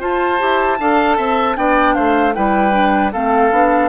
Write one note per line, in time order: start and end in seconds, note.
0.00 0.39 F4
0.00 0.40 F4
0.00 0.78 C5
0.00 1.57 A5
0.39 0.80 E4
0.39 0.78 G4
0.80 1.19 D4
0.80 1.56 A4
0.80 1.18 F5
1.18 1.57 C4
1.18 1.57 E5
1.56 1.96 B3
1.56 2.34 D4
1.56 1.95 D5
1.56 1.95 G5
1.95 2.37 A3
1.95 2.34 C5
1.95 2.34 F5
2.34 3.15 G3
2.34 2.72 E4
2.34 3.13 B4
2.34 3.12 G5
2.72 3.11 D4
3.13 3.52 A3
3.13 3.52 C4
3.13 3.89 A4
3.13 3.89 F5
3.52 3.89 B3
3.52 3.89 D4